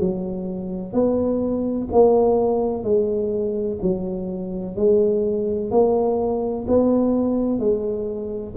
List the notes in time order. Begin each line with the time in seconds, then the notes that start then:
0.00 F#3
0.94 B3
1.92 A#3
2.84 G#3
3.82 F#3
4.76 G#3
5.71 A#3
6.68 B3
7.59 G#3